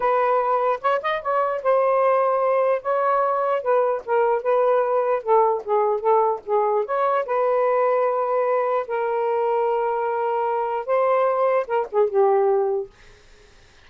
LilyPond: \new Staff \with { instrumentName = "saxophone" } { \time 4/4 \tempo 4 = 149 b'2 cis''8 dis''8 cis''4 | c''2. cis''4~ | cis''4 b'4 ais'4 b'4~ | b'4 a'4 gis'4 a'4 |
gis'4 cis''4 b'2~ | b'2 ais'2~ | ais'2. c''4~ | c''4 ais'8 gis'8 g'2 | }